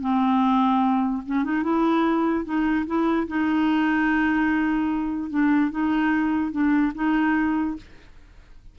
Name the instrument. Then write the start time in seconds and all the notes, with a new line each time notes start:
clarinet
0.00 C4
1.26 C#4
1.44 D#4
1.63 E4
2.45 D#4
2.86 E4
3.27 D#4
5.30 D4
5.71 D#4
6.51 D4
6.94 D#4